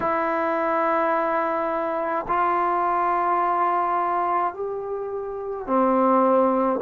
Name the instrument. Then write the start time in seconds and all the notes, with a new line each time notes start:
trombone
0.00 E4
2.27 F4
4.54 G4
5.66 C4